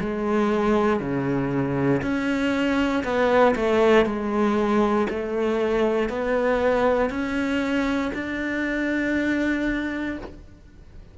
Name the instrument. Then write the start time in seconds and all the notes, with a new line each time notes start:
cello
0.00 G#3
1.00 C#3
2.02 C#4
3.04 B3
3.55 A3
4.05 G#3
5.09 A3
6.09 B3
7.10 C#4
8.14 D4